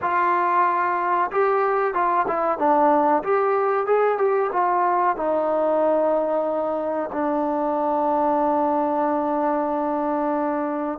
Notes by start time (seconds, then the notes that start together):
0.01 F4
1.31 G4
1.94 F4
2.27 E4
2.58 D4
3.23 G4
3.86 G#4
4.18 G4
4.52 F4
5.16 D#4
7.12 D4